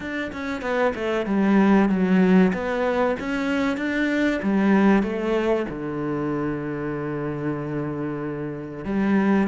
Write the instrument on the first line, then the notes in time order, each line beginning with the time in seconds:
cello
0.00 D4
0.32 C#4
0.61 B3
0.94 A3
1.25 G3
1.89 F#3
2.53 B3
3.19 C#4
3.77 D4
4.42 G3
5.02 A3
5.69 D3
8.84 G3